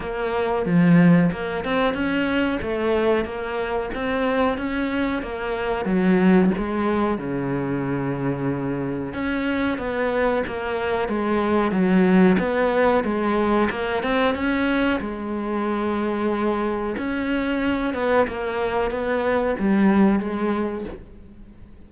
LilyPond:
\new Staff \with { instrumentName = "cello" } { \time 4/4 \tempo 4 = 92 ais4 f4 ais8 c'8 cis'4 | a4 ais4 c'4 cis'4 | ais4 fis4 gis4 cis4~ | cis2 cis'4 b4 |
ais4 gis4 fis4 b4 | gis4 ais8 c'8 cis'4 gis4~ | gis2 cis'4. b8 | ais4 b4 g4 gis4 | }